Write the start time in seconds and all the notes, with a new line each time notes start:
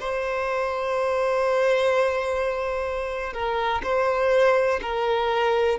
0.00 C5
3.33 A#4
3.84 C5
4.82 A#4